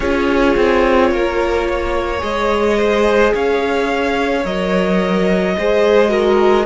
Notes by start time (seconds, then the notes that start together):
0.00 C#4 F4 G#4 C#5
0.56 C4
1.11 A#3 A#4
1.69 C#5
2.19 G#3 G#4 D#5
2.78 C5
3.34 C#4 C#5 F5
4.44 F#3 A#4 D#5
5.57 G#3 G#4 C5
6.08 F#4 A#4